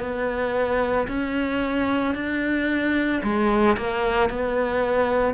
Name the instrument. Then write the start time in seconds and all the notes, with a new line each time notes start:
cello
0.00 B3
1.08 C#4
2.15 D4
3.23 G#3
3.77 A#3
4.30 B3